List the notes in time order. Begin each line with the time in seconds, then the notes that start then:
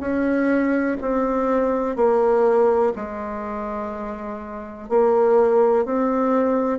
0.00 C#4
1.01 C4
1.96 A#3
2.96 G#3
4.89 A#3
5.85 C4